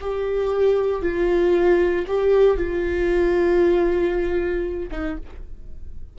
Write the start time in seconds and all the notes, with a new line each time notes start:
0.00 G4
1.02 F4
2.07 G4
2.57 F4
4.90 D#4